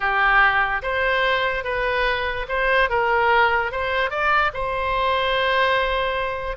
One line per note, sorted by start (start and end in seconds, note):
0.00 0.82 G4
0.82 1.64 C5
1.64 2.46 B4
2.48 2.89 C5
2.89 3.71 A#4
3.71 4.10 C5
4.10 4.51 D5
4.53 6.57 C5